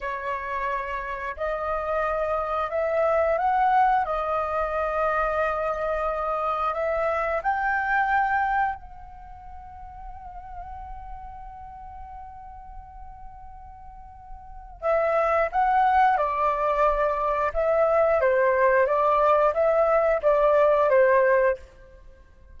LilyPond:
\new Staff \with { instrumentName = "flute" } { \time 4/4 \tempo 4 = 89 cis''2 dis''2 | e''4 fis''4 dis''2~ | dis''2 e''4 g''4~ | g''4 fis''2.~ |
fis''1~ | fis''2 e''4 fis''4 | d''2 e''4 c''4 | d''4 e''4 d''4 c''4 | }